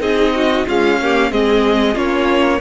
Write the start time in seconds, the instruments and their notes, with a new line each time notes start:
0.00 cello C4, viola D#4, violin G#4 D#5
0.35 violin F#4
0.67 viola G#3, cello C#4, violin F4 F5
1.02 viola A#3, violin G4
1.31 cello G#3, viola C4, violin G#4 D#5
1.94 cello A#3, viola C#4, violin F4 C#5